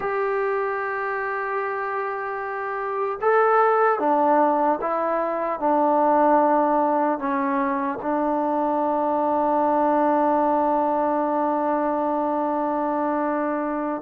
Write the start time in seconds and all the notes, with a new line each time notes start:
0.00 G4
3.21 A4
3.99 D4
4.81 E4
5.59 D4
7.19 C#4
8.02 D4